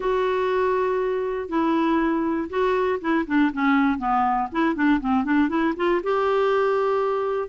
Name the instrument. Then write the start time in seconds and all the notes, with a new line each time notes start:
clarinet
0.00 F#4
1.49 E4
2.49 F#4
3.00 E4
3.27 D4
3.52 C#4
3.98 B3
4.52 E4
4.75 D4
5.00 C4
5.24 D4
5.49 E4
5.76 F4
6.03 G4